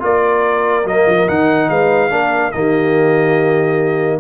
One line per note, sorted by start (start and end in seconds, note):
0.00 0.85 A#3
0.00 0.84 F4
0.00 1.70 A#4
0.00 0.87 D5
0.85 1.06 F#3
0.85 1.27 A#3
0.85 1.28 D#5
1.07 1.28 F3
1.28 1.70 D#3
1.28 2.10 D#4
1.28 1.69 F#5
1.69 2.11 G#3
1.69 2.12 B4
1.69 2.52 F5
2.10 2.53 A#3
2.10 2.52 D4
2.10 2.55 A#4
2.52 4.20 D#3
2.52 4.20 A#3
2.52 4.20 G4
2.52 4.20 D#5